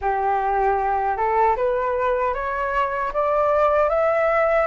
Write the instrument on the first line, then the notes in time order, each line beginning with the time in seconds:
flute
0.01 G4
1.17 A4
1.56 B4
2.34 C#5
3.13 D5
3.89 E5